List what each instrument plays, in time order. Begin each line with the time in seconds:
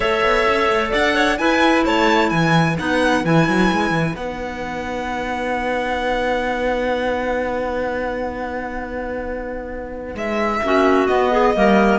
0.00 cello A3, clarinet A4 C#5, violin E5
0.22 cello B3
0.48 cello C#4
0.69 cello A3
0.91 cello D4, clarinet D5, violin F#5
1.14 clarinet C#5
1.37 clarinet E4 B4, cello E4, violin G#5
1.85 cello A3, clarinet C#5, violin A5
2.29 cello E3, clarinet B4, violin G#5
2.78 cello B3, clarinet D#4, violin F#5
3.24 cello E3, clarinet E4, violin G#5
3.48 cello F#3
3.72 cello G#3
3.91 cello E3
4.15 cello B3, clarinet D#4, violin F#5
10.14 cello G#3, violin E5
10.62 cello A#3, clarinet C#4 F#4
11.06 clarinet B3, cello B3, violin D#5
11.31 clarinet G#4
11.54 cello G3, clarinet A#3 A#4